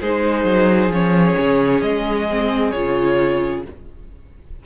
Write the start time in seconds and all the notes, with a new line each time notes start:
0.00 G#3 D#4 G#4 C5
0.44 F#3
0.89 F3 C#4 C#5
1.39 C#3
1.82 G#3 D#5
2.29 C4
2.71 C#3 F4 C#5